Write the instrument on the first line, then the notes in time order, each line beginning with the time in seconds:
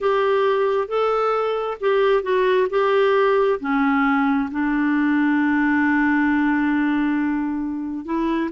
clarinet
0.00 G4
0.88 A4
1.80 G4
2.22 F#4
2.69 G4
3.59 C#4
4.51 D4
8.05 E4